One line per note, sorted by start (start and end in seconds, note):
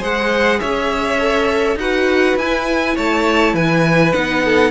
0.00 0.61 G#3
0.00 1.19 G#4
0.00 0.59 C5
0.00 0.60 F#5
0.60 1.76 C#4
0.60 1.78 C#5
0.60 1.78 E5
1.19 1.78 A4
1.76 2.35 D#4
1.76 2.39 F#4
1.76 2.96 B4
1.76 2.38 F#5
2.37 2.96 E4
2.37 4.13 E4
2.37 2.97 G#5
2.96 3.54 A3
2.96 3.55 C#5
2.96 3.56 A5
3.54 4.13 E3
3.54 4.43 B4
3.54 4.13 G#5
4.13 4.72 B3
4.13 4.72 D#4
4.13 4.72 F#5
4.45 4.72 A4